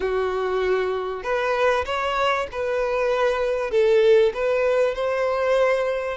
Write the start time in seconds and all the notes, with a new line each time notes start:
0.00 F#4
1.23 B4
1.85 C#5
2.51 B4
3.71 A4
4.34 B4
4.95 C5